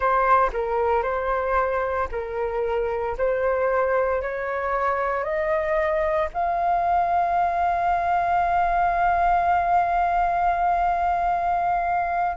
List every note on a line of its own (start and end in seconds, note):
0.00 0.50 C5
0.53 1.02 A#4
1.02 2.08 C5
2.11 3.16 A#4
3.17 4.22 C5
4.22 5.23 C#5
5.23 6.29 D#5
6.33 12.36 F5